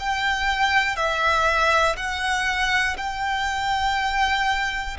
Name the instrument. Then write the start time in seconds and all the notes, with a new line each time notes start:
violin
0.00 G5
0.96 E5
1.96 F#5
2.97 G5